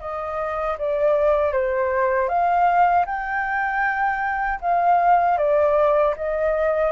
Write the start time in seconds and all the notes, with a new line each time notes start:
0.00 D#5
0.78 D5
1.53 C5
2.28 F5
3.06 G5
4.61 F5
5.38 D5
6.16 D#5